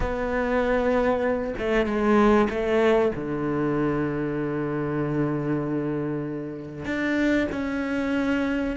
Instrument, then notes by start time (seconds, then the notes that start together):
cello
0.00 B3
1.58 A3
1.86 G#3
2.49 A3
3.15 D3
6.85 D4
7.51 C#4